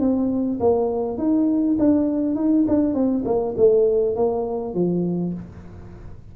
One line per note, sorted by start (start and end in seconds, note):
0.00 0.59 C4
0.60 1.18 A#3
1.18 1.77 D#4
1.80 2.36 D4
2.36 2.65 D#4
2.68 2.94 D4
2.94 3.24 C4
3.25 3.55 A#3
3.57 4.16 A3
4.16 4.74 A#3
4.74 5.34 F3